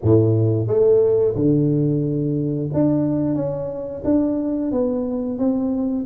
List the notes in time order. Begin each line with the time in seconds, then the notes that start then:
0.02 A2
0.67 A3
1.35 D3
2.73 D4
3.35 C#4
4.04 D4
4.71 B3
5.38 C4